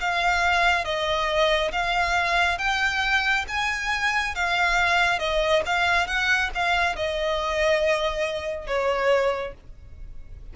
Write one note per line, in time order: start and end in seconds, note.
0.00 0.84 F5
0.84 1.71 D#5
1.72 2.58 F5
2.58 3.45 G5
3.47 4.34 G#5
4.34 5.19 F5
5.19 5.62 D#5
5.66 6.07 F5
6.07 6.50 F#5
6.54 6.95 F5
6.95 8.67 D#5
8.67 9.54 C#5